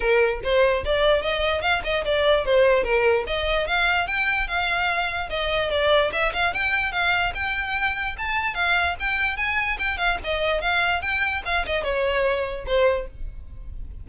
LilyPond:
\new Staff \with { instrumentName = "violin" } { \time 4/4 \tempo 4 = 147 ais'4 c''4 d''4 dis''4 | f''8 dis''8 d''4 c''4 ais'4 | dis''4 f''4 g''4 f''4~ | f''4 dis''4 d''4 e''8 f''8 |
g''4 f''4 g''2 | a''4 f''4 g''4 gis''4 | g''8 f''8 dis''4 f''4 g''4 | f''8 dis''8 cis''2 c''4 | }